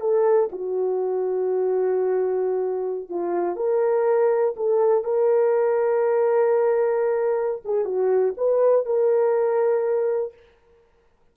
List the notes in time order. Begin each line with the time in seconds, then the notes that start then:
0.00 A4
0.52 F#4
3.09 F4
3.56 A#4
4.56 A4
5.04 A#4
7.65 G#4
7.85 F#4
8.37 B4
8.85 A#4